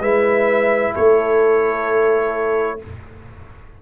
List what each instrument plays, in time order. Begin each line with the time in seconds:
0.00 tuba G#3, trombone E4, horn B4, trumpet E5
0.94 tuba A3, horn A4, trumpet C#5